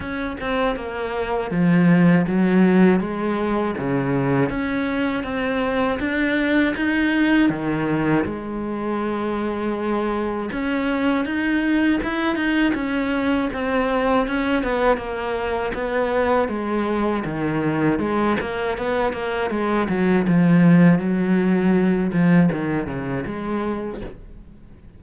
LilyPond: \new Staff \with { instrumentName = "cello" } { \time 4/4 \tempo 4 = 80 cis'8 c'8 ais4 f4 fis4 | gis4 cis4 cis'4 c'4 | d'4 dis'4 dis4 gis4~ | gis2 cis'4 dis'4 |
e'8 dis'8 cis'4 c'4 cis'8 b8 | ais4 b4 gis4 dis4 | gis8 ais8 b8 ais8 gis8 fis8 f4 | fis4. f8 dis8 cis8 gis4 | }